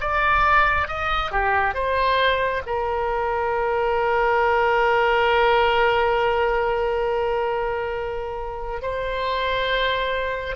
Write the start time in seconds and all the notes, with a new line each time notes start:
0.00 D5
0.88 D#5
1.32 G4
1.74 C5
2.66 A#4
8.82 C5